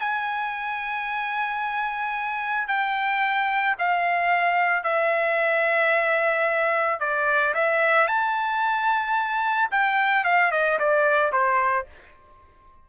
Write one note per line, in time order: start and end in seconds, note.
0.00 2.68 G#5
2.68 3.76 G5
3.79 4.84 F5
4.84 7.00 E5
7.00 7.54 D5
7.55 8.08 E5
8.08 9.70 A5
9.71 10.25 G5
10.25 10.52 F5
10.52 10.79 D#5
10.79 11.32 D5
11.32 11.86 C5